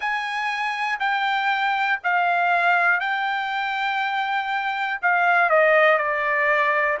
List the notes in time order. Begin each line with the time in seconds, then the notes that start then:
0.00 G#5
1.00 G5
2.03 F5
3.00 G5
5.01 F5
5.49 D#5
5.98 D5